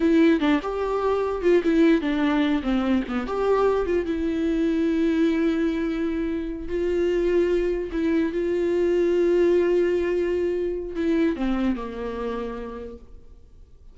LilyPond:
\new Staff \with { instrumentName = "viola" } { \time 4/4 \tempo 4 = 148 e'4 d'8 g'2 f'8 | e'4 d'4. c'4 b8 | g'4. f'8 e'2~ | e'1~ |
e'8 f'2. e'8~ | e'8 f'2.~ f'8~ | f'2. e'4 | c'4 ais2. | }